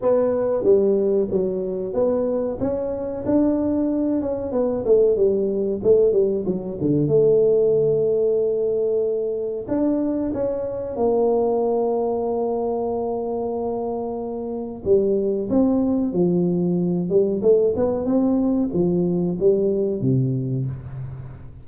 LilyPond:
\new Staff \with { instrumentName = "tuba" } { \time 4/4 \tempo 4 = 93 b4 g4 fis4 b4 | cis'4 d'4. cis'8 b8 a8 | g4 a8 g8 fis8 d8 a4~ | a2. d'4 |
cis'4 ais2.~ | ais2. g4 | c'4 f4. g8 a8 b8 | c'4 f4 g4 c4 | }